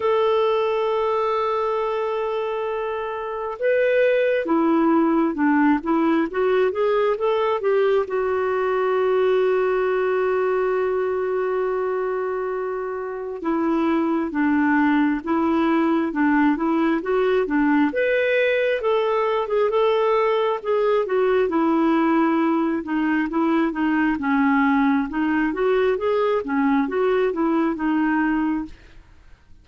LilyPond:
\new Staff \with { instrumentName = "clarinet" } { \time 4/4 \tempo 4 = 67 a'1 | b'4 e'4 d'8 e'8 fis'8 gis'8 | a'8 g'8 fis'2.~ | fis'2. e'4 |
d'4 e'4 d'8 e'8 fis'8 d'8 | b'4 a'8. gis'16 a'4 gis'8 fis'8 | e'4. dis'8 e'8 dis'8 cis'4 | dis'8 fis'8 gis'8 cis'8 fis'8 e'8 dis'4 | }